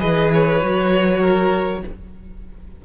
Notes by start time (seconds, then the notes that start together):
0.00 E3 G#4 B4 D#5
0.34 C#5
0.62 F#3 F#4
1.21 A#4